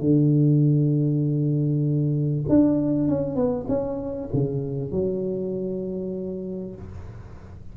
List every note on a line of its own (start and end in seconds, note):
0.00 2.45 D3
2.49 3.08 D4
3.08 3.35 C#4
3.35 3.66 B3
3.68 4.29 C#4
4.33 4.91 C#3
4.91 6.75 F#3